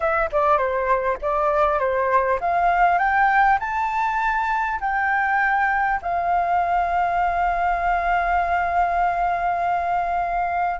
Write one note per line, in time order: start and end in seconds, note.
0.00 0.29 E5
0.32 0.57 D5
0.57 1.17 C5
1.21 1.79 D5
1.79 2.39 C5
2.40 2.98 F5
2.98 3.58 G5
3.59 4.79 A5
4.80 6.00 G5
6.02 10.80 F5